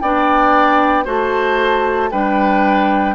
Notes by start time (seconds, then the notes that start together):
0.00 B3 D4 D5 G5
1.05 A3 F#4 C5 A5
2.11 G3 D4 B4 G5